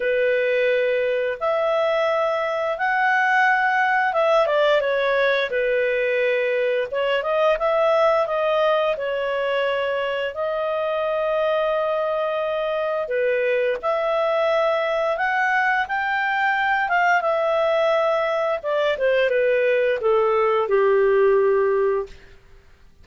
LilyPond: \new Staff \with { instrumentName = "clarinet" } { \time 4/4 \tempo 4 = 87 b'2 e''2 | fis''2 e''8 d''8 cis''4 | b'2 cis''8 dis''8 e''4 | dis''4 cis''2 dis''4~ |
dis''2. b'4 | e''2 fis''4 g''4~ | g''8 f''8 e''2 d''8 c''8 | b'4 a'4 g'2 | }